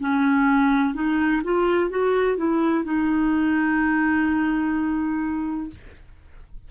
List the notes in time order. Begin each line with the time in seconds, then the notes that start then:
0.00 C#4
0.94 D#4
1.44 F4
1.90 F#4
2.37 E4
2.84 D#4